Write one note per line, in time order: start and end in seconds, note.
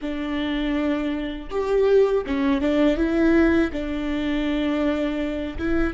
0.01 1.49 D4
1.50 2.24 G4
2.26 2.61 C#4
2.61 2.96 D4
2.96 3.70 E4
3.72 5.57 D4
5.58 5.93 E4